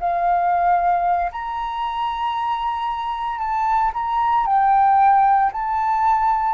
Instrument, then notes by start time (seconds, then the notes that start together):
flute
0.00 F5
1.33 A#5
3.39 A5
3.94 A#5
4.46 G5
5.53 A5